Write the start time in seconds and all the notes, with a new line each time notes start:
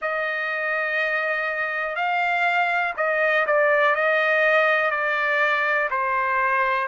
0.01 D#5
1.95 F5
2.96 D#5
3.46 D5
3.95 D#5
4.90 D5
5.90 C5